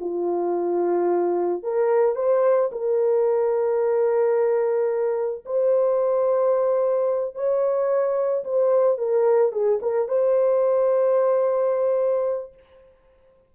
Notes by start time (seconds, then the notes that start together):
0.00 F4
1.63 A#4
2.15 C5
2.72 A#4
5.45 C5
7.35 C#5
8.44 C5
8.98 A#4
9.52 G#4
9.82 A#4
10.08 C5